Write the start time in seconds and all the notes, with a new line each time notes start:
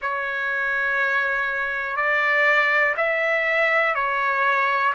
0.01 C#5
1.96 D5
2.96 E5
3.94 C#5